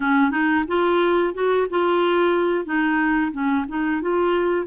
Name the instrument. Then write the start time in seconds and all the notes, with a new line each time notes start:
clarinet
0.00 C#4
0.31 D#4
0.67 F4
1.33 F#4
1.70 F4
2.65 D#4
3.32 C#4
3.68 D#4
4.02 F4